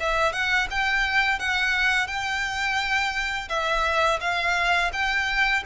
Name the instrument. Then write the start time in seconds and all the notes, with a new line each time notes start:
violin
0.00 E5
0.32 F#5
0.71 G5
1.39 F#5
2.07 G5
3.49 E5
4.20 F5
4.93 G5